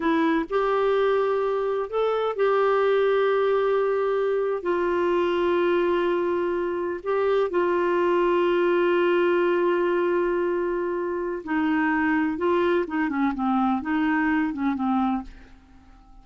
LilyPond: \new Staff \with { instrumentName = "clarinet" } { \time 4/4 \tempo 4 = 126 e'4 g'2. | a'4 g'2.~ | g'4.~ g'16 f'2~ f'16~ | f'2~ f'8. g'4 f'16~ |
f'1~ | f'1 | dis'2 f'4 dis'8 cis'8 | c'4 dis'4. cis'8 c'4 | }